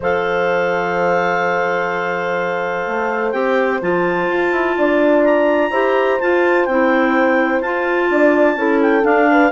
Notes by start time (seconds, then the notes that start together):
0.00 F3 A4 C5 F5
2.87 A3
3.31 C4 G4 G5
3.81 F3 F4 A5
4.28 F4
4.52 E4
4.77 D4 D5
5.25 A#5
5.71 E4 G4 C5
6.19 F4 A5
6.65 C4 E4 G5
7.61 F4 A5
8.10 D4 D5
8.55 C#4 E4 A4
8.81 G5
9.01 D4 F5
9.30 B4